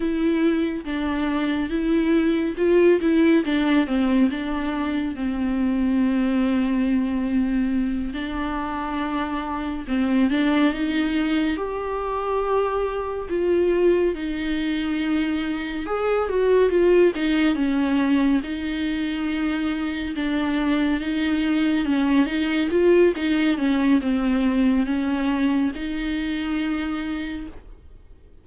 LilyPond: \new Staff \with { instrumentName = "viola" } { \time 4/4 \tempo 4 = 70 e'4 d'4 e'4 f'8 e'8 | d'8 c'8 d'4 c'2~ | c'4. d'2 c'8 | d'8 dis'4 g'2 f'8~ |
f'8 dis'2 gis'8 fis'8 f'8 | dis'8 cis'4 dis'2 d'8~ | d'8 dis'4 cis'8 dis'8 f'8 dis'8 cis'8 | c'4 cis'4 dis'2 | }